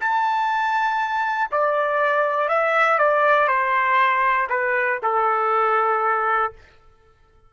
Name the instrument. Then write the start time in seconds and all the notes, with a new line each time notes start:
trumpet
0.00 A5
1.51 D5
2.48 E5
2.98 D5
3.47 C5
4.49 B4
5.02 A4